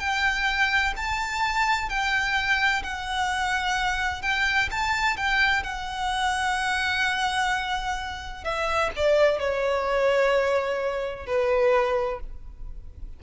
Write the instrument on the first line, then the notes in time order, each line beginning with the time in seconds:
violin
0.00 G5
0.97 A5
1.90 G5
2.84 F#5
4.23 G5
4.71 A5
5.17 G5
5.64 F#5
8.44 E5
8.97 D5
9.40 C#5
11.27 B4